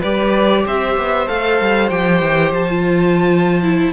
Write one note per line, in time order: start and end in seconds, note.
0.00 0.65 G3
0.00 1.27 G4
0.00 0.62 B4
0.00 0.65 D5
0.66 0.97 C4
0.66 3.92 C5
0.66 1.28 E5
0.97 1.28 B3
1.27 1.60 A3
1.27 1.89 A4
1.27 1.89 F5
1.61 1.91 G3
1.89 2.21 F3
1.89 2.68 G4
1.89 2.52 G5
2.21 2.51 E3
2.51 3.92 F3
2.51 3.92 A5
2.69 3.62 F4
3.62 3.92 E4